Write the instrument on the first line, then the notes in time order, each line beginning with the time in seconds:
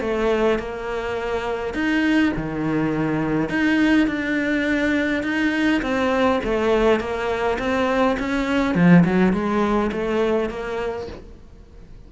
cello
0.00 A3
0.59 A#3
1.74 D#4
2.36 D#3
3.49 D#4
4.07 D4
5.23 D#4
5.82 C4
6.44 A3
7.00 A#3
7.58 C4
8.19 C#4
8.74 F3
9.05 F#3
9.32 G#3
9.92 A3
10.49 A#3